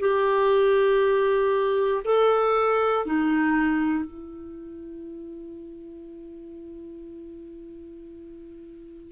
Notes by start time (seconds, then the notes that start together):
0.00 G4
2.05 A4
3.06 D#4
4.05 E4